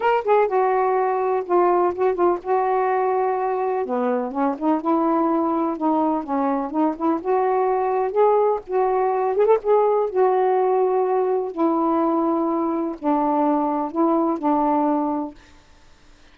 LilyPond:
\new Staff \with { instrumentName = "saxophone" } { \time 4/4 \tempo 4 = 125 ais'8 gis'8 fis'2 f'4 | fis'8 f'8 fis'2. | b4 cis'8 dis'8 e'2 | dis'4 cis'4 dis'8 e'8 fis'4~ |
fis'4 gis'4 fis'4. gis'16 a'16 | gis'4 fis'2. | e'2. d'4~ | d'4 e'4 d'2 | }